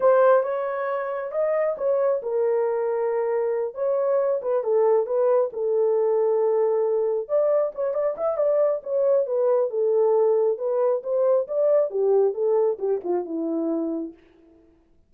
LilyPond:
\new Staff \with { instrumentName = "horn" } { \time 4/4 \tempo 4 = 136 c''4 cis''2 dis''4 | cis''4 ais'2.~ | ais'8 cis''4. b'8 a'4 b'8~ | b'8 a'2.~ a'8~ |
a'8 d''4 cis''8 d''8 e''8 d''4 | cis''4 b'4 a'2 | b'4 c''4 d''4 g'4 | a'4 g'8 f'8 e'2 | }